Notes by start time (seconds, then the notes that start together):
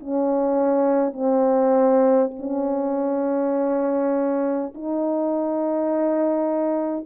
0.00 C#4
1.13 C4
2.39 C#4
4.75 D#4